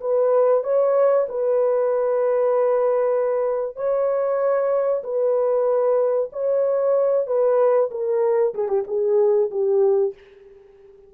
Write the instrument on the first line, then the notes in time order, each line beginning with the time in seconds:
horn
0.00 B4
0.63 C#5
1.29 B4
3.76 C#5
5.03 B4
6.32 C#5
7.27 B4
7.91 A#4
8.54 G#4
8.68 G4
8.87 G#4
9.51 G4